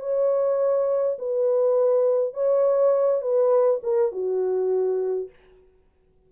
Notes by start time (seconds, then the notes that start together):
0.00 C#5
1.19 B4
2.34 C#5
3.22 B4
3.83 A#4
4.12 F#4